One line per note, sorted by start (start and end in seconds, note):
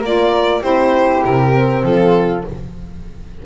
0.00 0.62 A#3
0.00 0.61 F4
0.00 0.61 A#4
0.00 0.63 D5
0.61 1.24 C4
0.61 1.52 E4
0.61 1.83 G4
0.61 1.24 C5
1.25 1.84 C3
1.25 1.85 A#4
1.53 2.44 C4
1.84 2.44 F3
1.84 2.45 F4
1.84 2.46 A4